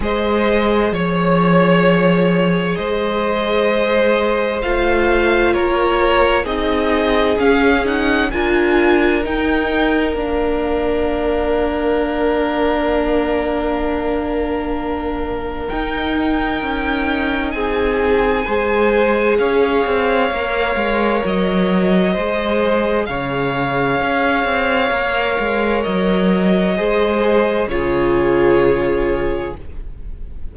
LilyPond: <<
  \new Staff \with { instrumentName = "violin" } { \time 4/4 \tempo 4 = 65 dis''4 cis''2 dis''4~ | dis''4 f''4 cis''4 dis''4 | f''8 fis''8 gis''4 g''4 f''4~ | f''1~ |
f''4 g''2 gis''4~ | gis''4 f''2 dis''4~ | dis''4 f''2. | dis''2 cis''2 | }
  \new Staff \with { instrumentName = "violin" } { \time 4/4 c''4 cis''2 c''4~ | c''2 ais'4 gis'4~ | gis'4 ais'2.~ | ais'1~ |
ais'2. gis'4 | c''4 cis''2. | c''4 cis''2.~ | cis''4 c''4 gis'2 | }
  \new Staff \with { instrumentName = "viola" } { \time 4/4 gis'1~ | gis'4 f'2 dis'4 | cis'8 dis'8 f'4 dis'4 d'4~ | d'1~ |
d'4 dis'2. | gis'2 ais'2 | gis'2. ais'4~ | ais'4 gis'4 f'2 | }
  \new Staff \with { instrumentName = "cello" } { \time 4/4 gis4 f2 gis4~ | gis4 a4 ais4 c'4 | cis'4 d'4 dis'4 ais4~ | ais1~ |
ais4 dis'4 cis'4 c'4 | gis4 cis'8 c'8 ais8 gis8 fis4 | gis4 cis4 cis'8 c'8 ais8 gis8 | fis4 gis4 cis2 | }
>>